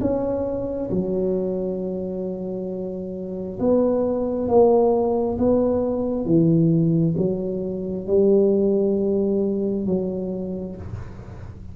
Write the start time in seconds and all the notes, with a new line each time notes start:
0.00 C#4
0.90 F#3
3.59 B3
4.48 A#3
5.38 B3
6.25 E3
7.17 F#3
8.07 G3
9.85 F#3